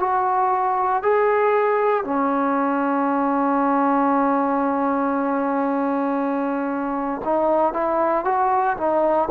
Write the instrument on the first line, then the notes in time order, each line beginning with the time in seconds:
trombone
0.00 F#4
1.03 G#4
2.05 C#4
7.25 D#4
7.74 E4
8.25 F#4
8.77 D#4